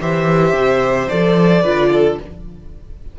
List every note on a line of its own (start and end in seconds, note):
0.00 0.52 E3
0.00 1.09 G4
0.00 1.61 C5
0.00 1.08 E5
0.52 1.07 C3
1.08 1.63 F3
1.08 1.64 A4
1.08 2.17 D5
1.61 2.17 D3
1.61 2.18 F4
1.61 1.89 B4
1.91 2.19 A4